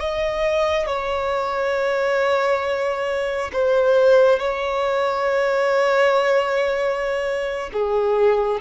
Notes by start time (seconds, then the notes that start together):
0.00 D#5
0.86 C#5
3.53 C5
4.39 C#5
7.73 G#4